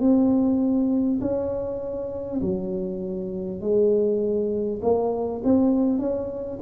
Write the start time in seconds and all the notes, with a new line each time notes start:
0.00 C4
1.21 C#4
2.42 F#3
3.61 G#3
4.82 A#3
5.44 C4
5.99 C#4